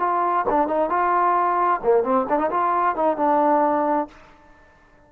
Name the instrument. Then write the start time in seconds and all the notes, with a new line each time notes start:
trombone
0.00 F4
0.49 D4
0.68 D#4
0.90 F4
1.84 A#3
2.04 C4
2.30 D4
2.39 D#4
2.51 F4
2.96 D#4
3.17 D4